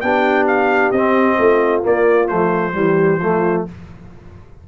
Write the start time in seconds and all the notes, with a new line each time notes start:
0.00 B3 D4 G4 G5
0.47 F5
0.91 C4 D#5
1.38 A3 F4
1.82 A#3 D5
2.28 F3 A3 C5
2.72 E3 G3 G4
3.18 F3 A3 F4